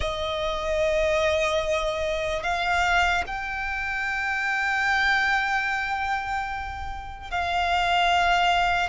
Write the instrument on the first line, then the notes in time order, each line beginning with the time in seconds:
violin
0.00 D#5
2.43 F5
3.27 G5
7.30 F5